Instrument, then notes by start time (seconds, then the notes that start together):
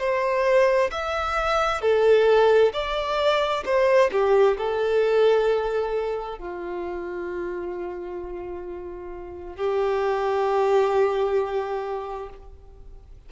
violin
0.00 C5
0.92 E5
1.82 A4
2.74 D5
3.66 C5
4.12 G4
4.58 A4
6.39 F4
9.57 G4